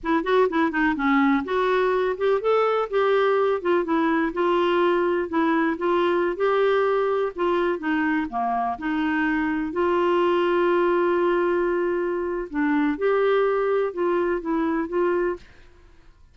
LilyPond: \new Staff \with { instrumentName = "clarinet" } { \time 4/4 \tempo 4 = 125 e'8 fis'8 e'8 dis'8 cis'4 fis'4~ | fis'8 g'8 a'4 g'4. f'8 | e'4 f'2 e'4 | f'4~ f'16 g'2 f'8.~ |
f'16 dis'4 ais4 dis'4.~ dis'16~ | dis'16 f'2.~ f'8.~ | f'2 d'4 g'4~ | g'4 f'4 e'4 f'4 | }